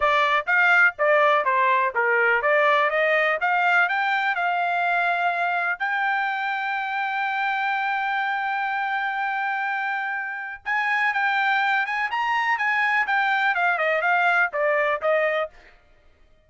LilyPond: \new Staff \with { instrumentName = "trumpet" } { \time 4/4 \tempo 4 = 124 d''4 f''4 d''4 c''4 | ais'4 d''4 dis''4 f''4 | g''4 f''2. | g''1~ |
g''1~ | g''2 gis''4 g''4~ | g''8 gis''8 ais''4 gis''4 g''4 | f''8 dis''8 f''4 d''4 dis''4 | }